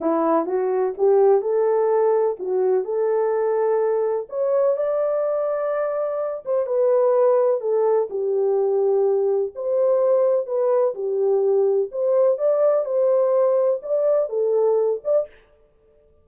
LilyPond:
\new Staff \with { instrumentName = "horn" } { \time 4/4 \tempo 4 = 126 e'4 fis'4 g'4 a'4~ | a'4 fis'4 a'2~ | a'4 cis''4 d''2~ | d''4. c''8 b'2 |
a'4 g'2. | c''2 b'4 g'4~ | g'4 c''4 d''4 c''4~ | c''4 d''4 a'4. d''8 | }